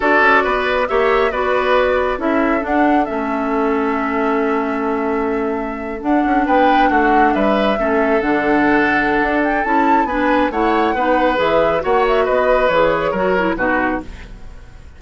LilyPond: <<
  \new Staff \with { instrumentName = "flute" } { \time 4/4 \tempo 4 = 137 d''2 e''4 d''4~ | d''4 e''4 fis''4 e''4~ | e''1~ | e''4.~ e''16 fis''4 g''4 fis''16~ |
fis''8. e''2 fis''4~ fis''16~ | fis''4. g''8 a''4 gis''4 | fis''2 e''4 fis''8 e''8 | dis''4 cis''2 b'4 | }
  \new Staff \with { instrumentName = "oboe" } { \time 4/4 a'4 b'4 cis''4 b'4~ | b'4 a'2.~ | a'1~ | a'2~ a'8. b'4 fis'16~ |
fis'8. b'4 a'2~ a'16~ | a'2. b'4 | cis''4 b'2 cis''4 | b'2 ais'4 fis'4 | }
  \new Staff \with { instrumentName = "clarinet" } { \time 4/4 fis'2 g'4 fis'4~ | fis'4 e'4 d'4 cis'4~ | cis'1~ | cis'4.~ cis'16 d'2~ d'16~ |
d'4.~ d'16 cis'4 d'4~ d'16~ | d'2 e'4 d'4 | e'4 dis'4 gis'4 fis'4~ | fis'4 gis'4 fis'8 e'8 dis'4 | }
  \new Staff \with { instrumentName = "bassoon" } { \time 4/4 d'8 cis'8 b4 ais4 b4~ | b4 cis'4 d'4 a4~ | a1~ | a4.~ a16 d'8 cis'8 b4 a16~ |
a8. g4 a4 d4~ d16~ | d4 d'4 cis'4 b4 | a4 b4 e4 ais4 | b4 e4 fis4 b,4 | }
>>